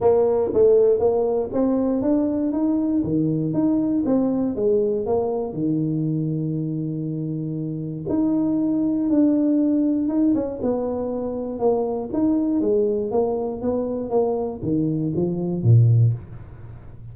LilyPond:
\new Staff \with { instrumentName = "tuba" } { \time 4/4 \tempo 4 = 119 ais4 a4 ais4 c'4 | d'4 dis'4 dis4 dis'4 | c'4 gis4 ais4 dis4~ | dis1 |
dis'2 d'2 | dis'8 cis'8 b2 ais4 | dis'4 gis4 ais4 b4 | ais4 dis4 f4 ais,4 | }